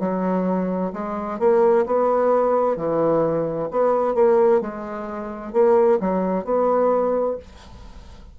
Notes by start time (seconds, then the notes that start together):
0.00 F#3
0.93 G#3
1.39 A#3
1.86 B3
2.77 E3
3.71 B3
4.15 A#3
4.61 G#3
5.53 A#3
6.00 F#3
6.44 B3